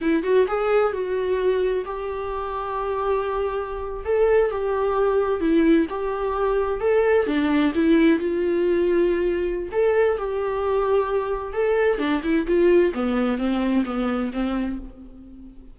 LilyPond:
\new Staff \with { instrumentName = "viola" } { \time 4/4 \tempo 4 = 130 e'8 fis'8 gis'4 fis'2 | g'1~ | g'8. a'4 g'2 e'16~ | e'8. g'2 a'4 d'16~ |
d'8. e'4 f'2~ f'16~ | f'4 a'4 g'2~ | g'4 a'4 d'8 e'8 f'4 | b4 c'4 b4 c'4 | }